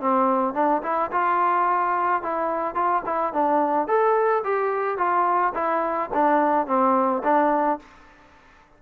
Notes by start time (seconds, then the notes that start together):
0.00 C4
0.54 D4
0.83 E4
1.11 F4
2.22 E4
2.74 F4
3.05 E4
3.33 D4
3.87 A4
4.44 G4
4.97 F4
5.54 E4
6.13 D4
6.67 C4
7.23 D4